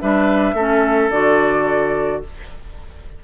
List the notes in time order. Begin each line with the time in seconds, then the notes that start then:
0.00 G3 D4 B4 E5
0.53 A3 C#4 A4
1.10 D3 F#4 D5